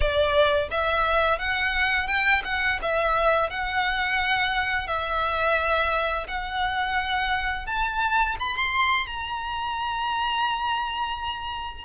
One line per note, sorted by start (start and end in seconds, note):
0.00 0.68 D5
0.70 1.38 E5
1.38 2.07 F#5
2.07 2.42 G5
2.44 2.79 F#5
2.82 3.49 E5
3.49 4.87 F#5
4.87 6.26 E5
6.27 7.66 F#5
7.66 8.36 A5
8.39 8.56 B5
8.56 9.06 C6
9.06 11.84 A#5